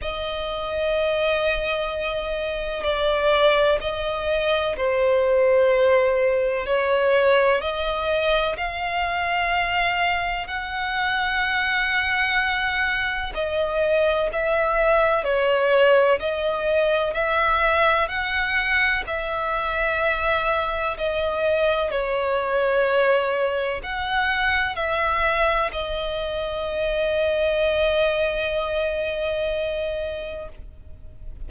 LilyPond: \new Staff \with { instrumentName = "violin" } { \time 4/4 \tempo 4 = 63 dis''2. d''4 | dis''4 c''2 cis''4 | dis''4 f''2 fis''4~ | fis''2 dis''4 e''4 |
cis''4 dis''4 e''4 fis''4 | e''2 dis''4 cis''4~ | cis''4 fis''4 e''4 dis''4~ | dis''1 | }